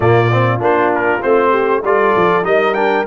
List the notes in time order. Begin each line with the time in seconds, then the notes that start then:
0.00 A#2 A#3 F4 D5
0.31 C4
0.59 A#3 D4 C5
0.95 A#4
1.21 A3 C4 C5
1.50 G4
1.83 G3 F4 A4 D5
2.16 F3
2.43 G3 D#4 A#4 D#5
2.74 D4 G5